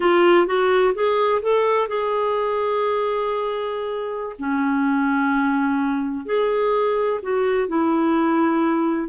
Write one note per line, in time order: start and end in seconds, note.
0.00 0.46 F4
0.46 0.93 F#4
0.94 1.41 G#4
1.42 1.87 A4
1.87 4.36 G#4
4.39 6.25 C#4
6.25 7.20 G#4
7.22 7.68 F#4
7.68 9.08 E4